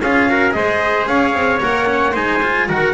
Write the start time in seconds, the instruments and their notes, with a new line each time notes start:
0.00 double bass C#4, cello F4, trumpet G#4 F5
0.29 cello F#4, trumpet A#4
0.51 double bass G#3, cello G#4, trumpet C5 D#5
1.06 double bass C#4, trumpet C#5 F5
1.34 double bass C4
1.60 double bass A#3, cello A#4, trumpet F#5
1.86 cello C#4
2.12 double bass G#3, cello D#4, trumpet C5 G#5
2.42 cello F4
2.68 double bass D#3, cello F#4, trumpet A#4 F#5